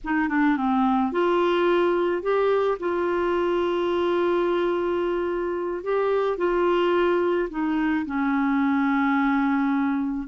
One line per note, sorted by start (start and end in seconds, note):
0.04 0.29 D#4
0.29 0.56 D4
0.57 1.12 C4
1.12 2.22 F4
2.22 2.78 G4
2.79 5.83 F4
5.83 6.37 G4
6.37 7.48 F4
7.49 8.05 D#4
8.06 10.27 C#4